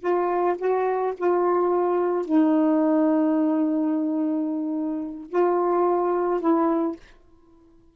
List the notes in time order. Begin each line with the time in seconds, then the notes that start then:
0.00 F4
0.58 F#4
1.17 F4
2.25 D#4
5.30 F4
6.40 E4